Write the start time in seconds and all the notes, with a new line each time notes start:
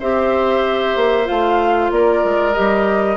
0.00 C4 G4 C5 E5
0.96 A#3
1.24 A3 F4 F5
1.91 A#3 A#4 D5
2.24 G#3
2.53 G3 G4 D#5